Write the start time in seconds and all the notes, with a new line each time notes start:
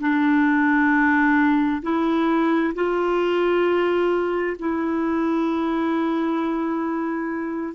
0.00 D4
1.82 E4
2.75 F4
4.59 E4